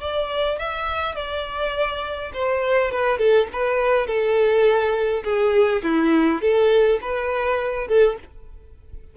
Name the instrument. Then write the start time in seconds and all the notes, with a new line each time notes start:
violin
0.00 D5
0.58 E5
1.15 D5
2.33 C5
2.91 B4
3.18 A4
3.52 B4
4.07 A4
5.24 G#4
5.83 E4
6.41 A4
7.01 B4
7.88 A4